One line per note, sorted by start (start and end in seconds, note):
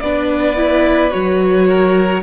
0.00 1.12 B3
0.00 0.56 D4
0.00 1.67 B4
0.00 1.11 D5
0.56 1.10 E4
1.10 2.22 F#3
1.10 2.22 F#4
1.10 2.22 C#5
1.67 2.22 A#4